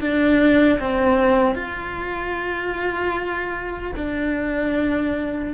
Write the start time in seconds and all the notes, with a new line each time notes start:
0.00 D4
0.79 C4
1.55 F4
3.96 D4